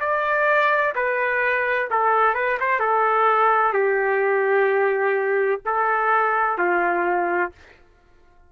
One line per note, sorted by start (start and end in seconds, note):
0.00 0.94 D5
0.95 1.89 B4
1.90 2.34 A4
2.34 2.58 B4
2.60 2.80 C5
2.80 3.73 A4
3.73 5.61 G4
5.65 6.58 A4
6.58 7.52 F4